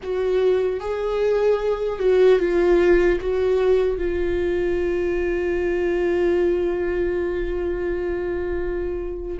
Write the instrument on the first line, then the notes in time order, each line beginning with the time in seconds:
viola
0.03 F#4
0.80 G#4
1.99 F#4
2.39 F4
3.20 F#4
3.97 F4